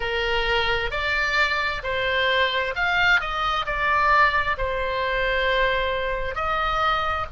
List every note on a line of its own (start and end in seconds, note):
0.00 0.90 A#4
0.90 1.81 D5
1.83 2.74 C5
2.75 3.20 F5
3.20 3.65 D#5
3.66 4.57 D5
4.57 6.35 C5
6.35 7.26 D#5